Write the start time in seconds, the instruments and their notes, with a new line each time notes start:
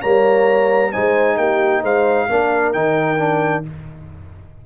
0.00 tuba G3, trombone A#3, horn C#5, trumpet A#5
0.92 tuba G#3, trombone D#4, horn C5, trumpet G#5
1.37 tuba A#3, horn G4, trumpet G5
1.82 tuba G#3, horn C5, trumpet F5
2.28 tuba A#3, trombone D4, horn A#4
2.72 tuba D#3, trombone D#4, trumpet G5
3.17 trombone D4